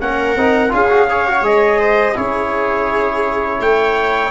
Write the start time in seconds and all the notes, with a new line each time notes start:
0.00 A#3 C#4 A#4 F#5
0.36 C4 D#4
0.69 C#4 F4 G#4 F5
0.89 F#4
1.09 G#4 C#5
1.27 F#4
1.41 G#3 G#4 D#5
1.79 C5
2.14 C#4 E4 G#4 C#5
3.59 A3 C#5 G5